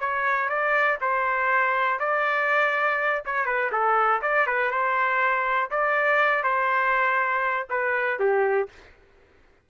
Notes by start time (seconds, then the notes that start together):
0.00 C#5
0.49 D5
1.01 C5
2.00 D5
3.26 C#5
3.46 B4
3.72 A4
4.22 D5
4.47 B4
4.71 C5
5.71 D5
6.44 C5
7.70 B4
8.20 G4